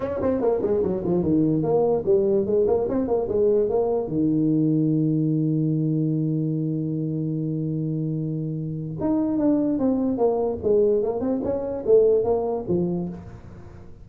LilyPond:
\new Staff \with { instrumentName = "tuba" } { \time 4/4 \tempo 4 = 147 cis'8 c'8 ais8 gis8 fis8 f8 dis4 | ais4 g4 gis8 ais8 c'8 ais8 | gis4 ais4 dis2~ | dis1~ |
dis1~ | dis2 dis'4 d'4 | c'4 ais4 gis4 ais8 c'8 | cis'4 a4 ais4 f4 | }